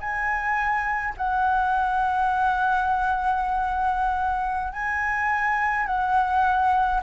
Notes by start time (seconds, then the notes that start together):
0.00 G#5
1.17 F#5
4.73 G#5
5.86 F#5